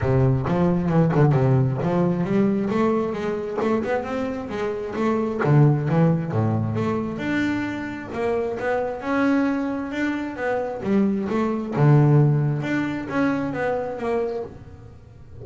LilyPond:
\new Staff \with { instrumentName = "double bass" } { \time 4/4 \tempo 4 = 133 c4 f4 e8 d8 c4 | f4 g4 a4 gis4 | a8 b8 c'4 gis4 a4 | d4 e4 a,4 a4 |
d'2 ais4 b4 | cis'2 d'4 b4 | g4 a4 d2 | d'4 cis'4 b4 ais4 | }